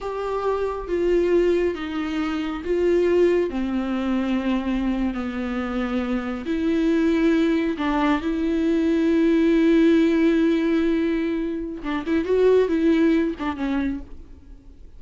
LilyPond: \new Staff \with { instrumentName = "viola" } { \time 4/4 \tempo 4 = 137 g'2 f'2 | dis'2 f'2 | c'2.~ c'8. b16~ | b2~ b8. e'4~ e'16~ |
e'4.~ e'16 d'4 e'4~ e'16~ | e'1~ | e'2. d'8 e'8 | fis'4 e'4. d'8 cis'4 | }